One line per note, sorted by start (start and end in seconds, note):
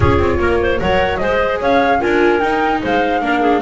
0.00 0.18 C#4
0.00 0.78 F4
0.00 0.38 G#4
0.00 0.80 C#5
0.18 0.38 C4
0.39 0.79 A#3
0.39 0.61 A#4
0.61 0.81 C5
0.78 1.20 F#3
0.78 1.19 A#4
0.78 1.20 C#5
0.78 1.16 F#5
1.16 1.60 G#3
1.16 2.00 G#4
1.16 1.61 C5
1.16 1.57 D#5
1.61 2.01 C#4
1.61 2.00 C#5
1.61 2.01 F5
2.00 2.41 D4
2.00 2.40 F4
2.00 2.81 A#4
2.00 2.39 G#5
2.39 2.81 D#4
2.39 3.21 D#4
2.39 2.80 G5
2.82 3.21 G#3
2.82 3.23 C5
2.82 3.61 F5
3.21 3.61 A#3
3.21 3.61 D4
3.21 3.41 A#4
3.41 3.61 G#4